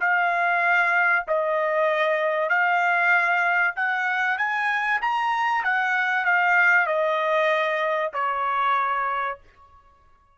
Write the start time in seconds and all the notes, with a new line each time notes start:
0.00 F5
1.27 D#5
2.49 F5
3.76 F#5
4.38 G#5
5.01 A#5
5.64 F#5
6.25 F5
6.87 D#5
8.13 C#5